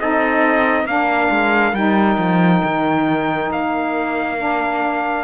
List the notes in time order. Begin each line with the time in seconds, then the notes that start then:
0.00 C4 D#4 A4 D#5
0.85 A#3 D4 A#4 F5
1.30 G#3
1.73 G3 D#4 G5
2.18 F3
2.65 D#3
3.51 A#3 F5
4.38 D4